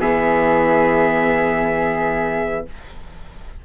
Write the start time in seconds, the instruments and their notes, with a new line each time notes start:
0.00 bassoon E3, viola B3, flute G#4, trumpet E5